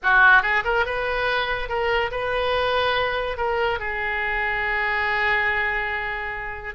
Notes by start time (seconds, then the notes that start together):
0.02 F#4
0.42 G#4
0.64 A#4
0.85 B4
1.68 A#4
2.11 B4
3.37 A#4
3.79 G#4